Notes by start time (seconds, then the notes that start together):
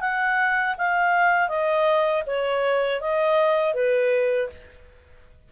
0.00 F#5
0.77 F5
1.48 D#5
2.26 C#5
3.00 D#5
3.74 B4